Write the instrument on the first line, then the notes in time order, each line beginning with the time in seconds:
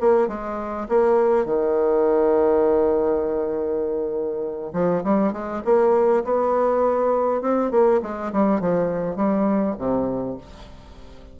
bassoon
0.00 A#3
0.28 G#3
0.88 A#3
1.45 D#3
4.73 F3
5.04 G3
5.32 G#3
5.64 A#3
6.24 B3
7.41 C4
7.71 A#3
8.02 G#3
8.32 G3
8.60 F3
9.16 G3
9.78 C3